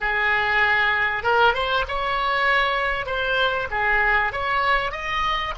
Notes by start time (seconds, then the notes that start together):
0.01 G#4
1.23 A#4
1.54 C5
1.88 C#5
3.06 C5
3.70 G#4
4.32 C#5
4.91 D#5